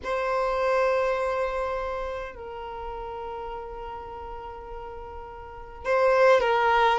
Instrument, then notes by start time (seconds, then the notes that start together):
violin
0.03 C5
2.35 A#4
5.84 C5
6.40 A#4